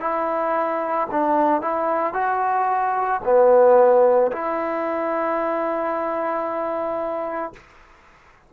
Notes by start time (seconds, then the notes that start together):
0.00 E4
1.11 D4
1.61 E4
2.13 F#4
3.24 B3
4.31 E4